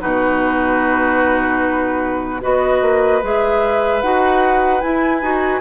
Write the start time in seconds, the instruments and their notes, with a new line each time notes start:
0.00 bassoon B2, clarinet D#4, oboe F#4, flute B4
2.41 bassoon B3, clarinet F#4, oboe B4, flute D#5
2.82 bassoon A#3
3.23 bassoon G#3, clarinet G#4, flute E5
4.02 bassoon D#4, clarinet F#4, flute F#5
4.81 clarinet E4, bassoon E4, flute G#5
5.21 bassoon D#4, clarinet F#4